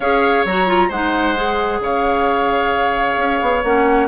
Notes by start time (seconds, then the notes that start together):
0.00 C#4 G#4 C#5 F5
0.45 F#3 F#4 A#5
0.67 F4
0.88 G#3 D#4 C5 F#5
1.35 G#4
1.80 C#3 C#5 F5
3.17 C#4
3.41 B3
3.63 A#3 C#4 F#5